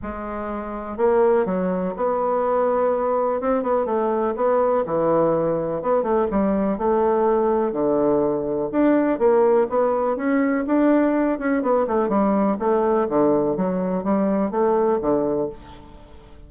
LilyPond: \new Staff \with { instrumentName = "bassoon" } { \time 4/4 \tempo 4 = 124 gis2 ais4 fis4 | b2. c'8 b8 | a4 b4 e2 | b8 a8 g4 a2 |
d2 d'4 ais4 | b4 cis'4 d'4. cis'8 | b8 a8 g4 a4 d4 | fis4 g4 a4 d4 | }